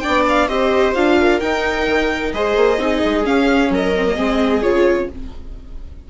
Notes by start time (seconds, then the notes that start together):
0.00 D4 D5 G5
0.07 B3
0.28 F5
0.48 C4 G4 C5 D#5
0.94 D4 F4 F5
1.20 A#4
1.40 D#4 G5
1.86 D#3
2.33 G#3 G#4 C5 D#5
2.56 A#3
2.78 C4 D#4 G#4
3.04 G#3
3.24 C#4 F5
3.70 F#3 A#4 D#5
3.96 C4
4.07 A#3
4.16 G#3 C4 G#4
4.62 C#3 F4 C#5